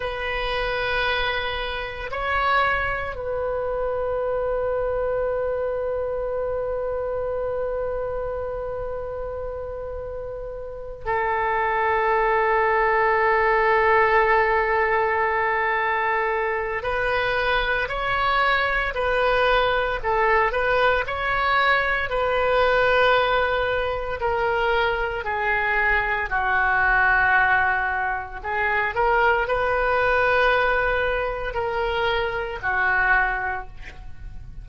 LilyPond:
\new Staff \with { instrumentName = "oboe" } { \time 4/4 \tempo 4 = 57 b'2 cis''4 b'4~ | b'1~ | b'2~ b'8 a'4.~ | a'1 |
b'4 cis''4 b'4 a'8 b'8 | cis''4 b'2 ais'4 | gis'4 fis'2 gis'8 ais'8 | b'2 ais'4 fis'4 | }